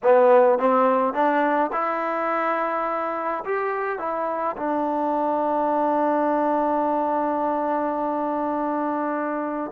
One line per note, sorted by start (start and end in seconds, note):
0.02 0.59 B3
0.59 1.13 C4
1.13 1.70 D4
1.72 3.44 E4
3.44 3.98 G4
3.98 4.56 E4
4.57 9.71 D4